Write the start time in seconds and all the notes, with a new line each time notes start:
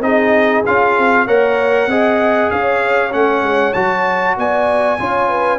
0.00 C4 D#4 G#4 D#5
0.65 C#4 F4 F5
0.98 C4
1.26 A#3 A#4 C#5 F#5
1.87 C4 G#4 D#5
2.50 C#4 C#5 F5
3.10 A3 C#4 F#5
3.42 G#3
3.73 F#3 F#4 A5
4.37 B3 D5 G#5
4.99 C#4 F4 C#5
5.29 B4